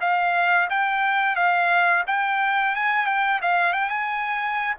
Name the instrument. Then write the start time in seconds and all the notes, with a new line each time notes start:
trumpet
0.00 F5
0.69 G5
1.35 F5
2.07 G5
2.75 G#5
3.06 G5
3.42 F5
3.73 G5
3.89 G#5